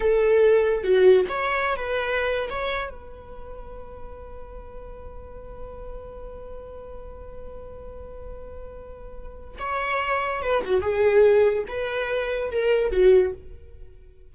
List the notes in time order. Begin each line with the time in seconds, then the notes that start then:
0.00 A4
0.83 F#4
1.28 C#5
1.76 B4
2.50 C#5
2.90 B4
9.58 C#5
10.42 B4
10.64 F#4
10.81 G#4
11.67 B4
12.51 A#4
12.91 F#4